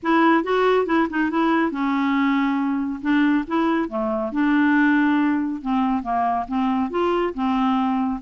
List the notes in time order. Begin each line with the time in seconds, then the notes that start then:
0.03 E4
0.43 F#4
0.86 E4
1.10 D#4
1.30 E4
1.71 C#4
3.01 D4
3.47 E4
3.88 A3
4.32 D4
5.61 C4
6.02 A#3
6.47 C4
6.90 F4
7.34 C4